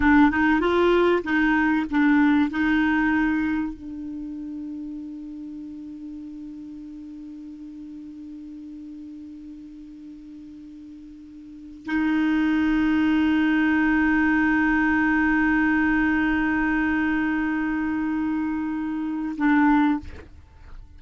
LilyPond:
\new Staff \with { instrumentName = "clarinet" } { \time 4/4 \tempo 4 = 96 d'8 dis'8 f'4 dis'4 d'4 | dis'2 d'2~ | d'1~ | d'1~ |
d'2. dis'4~ | dis'1~ | dis'1~ | dis'2. d'4 | }